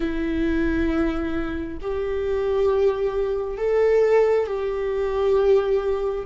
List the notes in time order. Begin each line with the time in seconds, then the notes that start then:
0.00 E4
1.81 G4
3.57 A4
4.46 G4